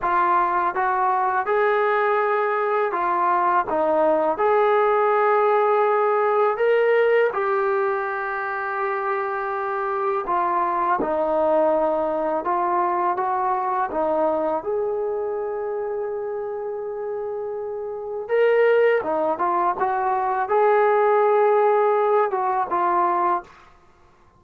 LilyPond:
\new Staff \with { instrumentName = "trombone" } { \time 4/4 \tempo 4 = 82 f'4 fis'4 gis'2 | f'4 dis'4 gis'2~ | gis'4 ais'4 g'2~ | g'2 f'4 dis'4~ |
dis'4 f'4 fis'4 dis'4 | gis'1~ | gis'4 ais'4 dis'8 f'8 fis'4 | gis'2~ gis'8 fis'8 f'4 | }